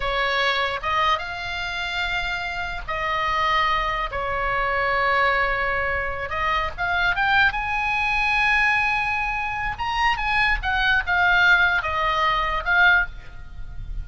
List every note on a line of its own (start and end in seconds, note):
0.00 0.80 C#5
0.82 1.18 D#5
1.18 2.81 F5
2.87 4.10 D#5
4.11 6.29 C#5
6.29 6.70 D#5
6.77 7.15 F5
7.15 7.52 G5
7.52 9.76 G#5
9.78 10.17 A#5
10.17 10.58 G#5
10.62 11.03 F#5
11.06 11.82 F5
11.82 12.64 D#5
12.65 13.05 F5